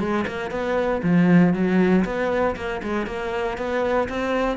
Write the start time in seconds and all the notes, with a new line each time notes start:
0.00 G#3
0.28 A#3
0.51 B3
1.03 F3
1.54 F#3
2.05 B3
2.56 A#3
2.83 G#3
3.07 A#3
3.58 B3
4.09 C4